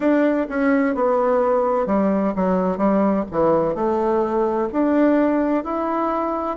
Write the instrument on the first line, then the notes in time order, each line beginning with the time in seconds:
bassoon
0.00 D4
0.49 C#4
0.95 B3
1.86 G3
2.35 F#3
2.77 G3
3.31 E3
3.75 A3
4.72 D4
5.63 E4